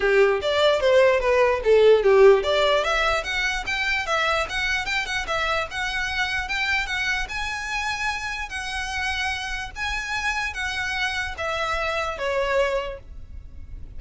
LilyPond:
\new Staff \with { instrumentName = "violin" } { \time 4/4 \tempo 4 = 148 g'4 d''4 c''4 b'4 | a'4 g'4 d''4 e''4 | fis''4 g''4 e''4 fis''4 | g''8 fis''8 e''4 fis''2 |
g''4 fis''4 gis''2~ | gis''4 fis''2. | gis''2 fis''2 | e''2 cis''2 | }